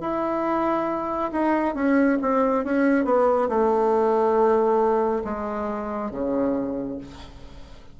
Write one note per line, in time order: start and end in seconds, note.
0.00 1.30 E4
1.32 1.75 D#4
1.75 2.18 C#4
2.21 2.64 C4
2.64 3.05 C#4
3.05 3.48 B3
3.49 5.23 A3
5.25 6.11 G#3
6.11 6.98 C#3